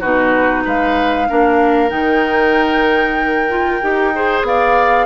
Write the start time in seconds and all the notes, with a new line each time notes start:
0.00 B2 D#4 F#4 B4
0.64 G#3 B4 F5
1.29 A#3 D4 A#4
1.89 D#3 D#4 G5
3.49 F4
3.82 D#4 G4
4.14 G#4 C5
4.42 B3 D5 F5